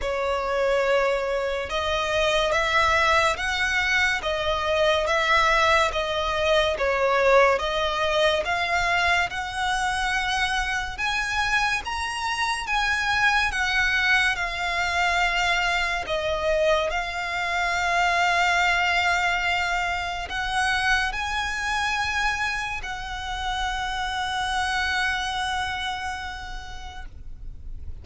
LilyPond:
\new Staff \with { instrumentName = "violin" } { \time 4/4 \tempo 4 = 71 cis''2 dis''4 e''4 | fis''4 dis''4 e''4 dis''4 | cis''4 dis''4 f''4 fis''4~ | fis''4 gis''4 ais''4 gis''4 |
fis''4 f''2 dis''4 | f''1 | fis''4 gis''2 fis''4~ | fis''1 | }